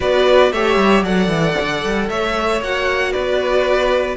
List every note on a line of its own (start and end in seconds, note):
0.00 0.52 B3
0.00 0.52 F#4
0.00 0.51 B4
0.00 0.52 D5
0.52 0.76 A3
0.52 1.04 G4
0.52 1.03 C#5
0.52 1.04 E5
0.76 1.02 G3
1.02 1.27 F#3
1.02 2.61 A4
1.02 2.07 D5
1.02 2.09 F#5
1.27 1.54 E3
1.61 1.84 D3
1.84 2.09 G3
2.09 2.61 A3
2.09 3.12 C#5
2.09 2.61 E5
2.61 3.13 A#3
2.61 4.16 F#4
2.61 3.12 F#5
3.12 4.16 B3
3.12 4.16 B4
3.12 4.16 D5